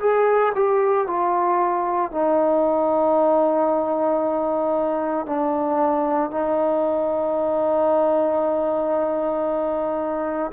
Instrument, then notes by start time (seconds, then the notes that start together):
trombone
0.00 G#4
0.55 G4
1.07 F4
2.11 D#4
5.26 D4
6.31 D#4